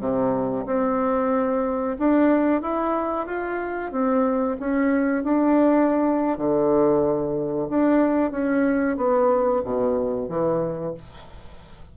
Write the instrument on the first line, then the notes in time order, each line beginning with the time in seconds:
bassoon
0.00 C3
0.66 C4
1.99 D4
2.61 E4
3.26 F4
3.92 C4
4.59 C#4
5.24 D4
6.38 D3
7.69 D4
8.31 C#4
8.96 B3
9.65 B2
10.29 E3